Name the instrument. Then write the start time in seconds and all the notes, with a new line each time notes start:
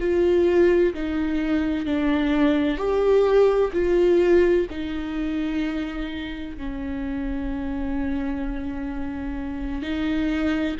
viola
0.00 F4
0.94 D#4
1.86 D4
2.78 G4
3.73 F4
4.70 D#4
6.58 C#4
9.83 D#4